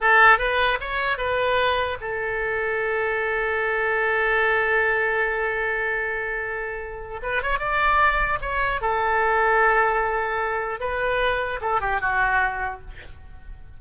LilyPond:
\new Staff \with { instrumentName = "oboe" } { \time 4/4 \tempo 4 = 150 a'4 b'4 cis''4 b'4~ | b'4 a'2.~ | a'1~ | a'1~ |
a'2 b'8 cis''8 d''4~ | d''4 cis''4 a'2~ | a'2. b'4~ | b'4 a'8 g'8 fis'2 | }